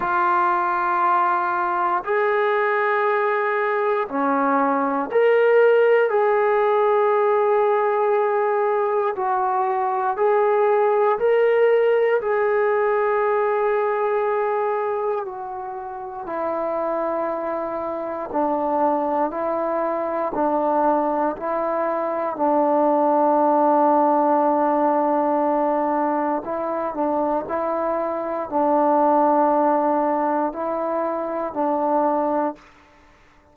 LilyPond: \new Staff \with { instrumentName = "trombone" } { \time 4/4 \tempo 4 = 59 f'2 gis'2 | cis'4 ais'4 gis'2~ | gis'4 fis'4 gis'4 ais'4 | gis'2. fis'4 |
e'2 d'4 e'4 | d'4 e'4 d'2~ | d'2 e'8 d'8 e'4 | d'2 e'4 d'4 | }